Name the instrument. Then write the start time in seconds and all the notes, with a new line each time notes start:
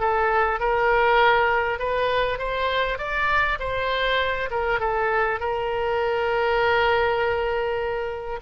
oboe
0.00 A4
0.60 A#4
1.79 B4
2.39 C5
2.98 D5
3.60 C5
4.51 A#4
4.80 A4
5.40 A#4